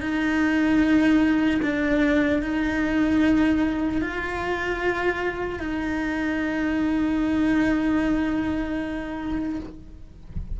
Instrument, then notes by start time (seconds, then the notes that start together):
cello
0.00 D#4
1.62 D4
2.42 D#4
4.01 F4
5.59 D#4